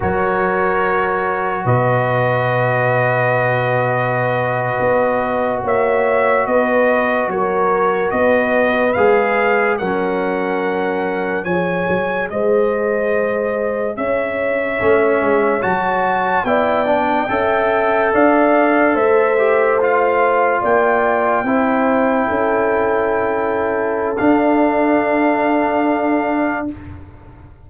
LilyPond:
<<
  \new Staff \with { instrumentName = "trumpet" } { \time 4/4 \tempo 4 = 72 cis''2 dis''2~ | dis''2~ dis''8. e''4 dis''16~ | dis''8. cis''4 dis''4 f''4 fis''16~ | fis''4.~ fis''16 gis''4 dis''4~ dis''16~ |
dis''8. e''2 a''4 g''16~ | g''4.~ g''16 f''4 e''4 f''16~ | f''8. g''2.~ g''16~ | g''4 f''2. | }
  \new Staff \with { instrumentName = "horn" } { \time 4/4 ais'2 b'2~ | b'2~ b'8. cis''4 b'16~ | b'8. ais'4 b'2 ais'16~ | ais'4.~ ais'16 cis''4 c''4~ c''16~ |
c''8. cis''2. d''16~ | d''8. e''4 d''4 c''4~ c''16~ | c''8. d''4 c''4 a'4~ a'16~ | a'1 | }
  \new Staff \with { instrumentName = "trombone" } { \time 4/4 fis'1~ | fis'1~ | fis'2~ fis'8. gis'4 cis'16~ | cis'4.~ cis'16 gis'2~ gis'16~ |
gis'4.~ gis'16 cis'4 fis'4 e'16~ | e'16 d'8 a'2~ a'8 g'8 f'16~ | f'4.~ f'16 e'2~ e'16~ | e'4 d'2. | }
  \new Staff \with { instrumentName = "tuba" } { \time 4/4 fis2 b,2~ | b,4.~ b,16 b4 ais4 b16~ | b8. fis4 b4 gis4 fis16~ | fis4.~ fis16 f8 fis8 gis4~ gis16~ |
gis8. cis'4 a8 gis8 fis4 b16~ | b8. cis'4 d'4 a4~ a16~ | a8. ais4 c'4 cis'4~ cis'16~ | cis'4 d'2. | }
>>